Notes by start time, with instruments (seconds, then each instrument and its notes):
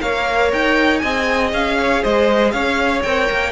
0.00 cello A#3, viola A#4, violin C#5 F5
0.52 cello D#4, violin G5
0.98 cello C4, viola G#4, violin D#5 G#5
1.52 cello C#4, violin F5
1.79 violin C#5
2.02 cello G#3, violin C5 D#5
2.51 cello C#4, violin C#5 F5
3.02 cello C4, viola A#4, violin G5
3.30 cello A#3